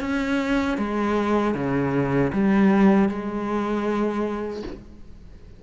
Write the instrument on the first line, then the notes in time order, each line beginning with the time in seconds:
cello
0.00 C#4
0.77 G#3
1.54 C#3
2.33 G3
3.08 G#3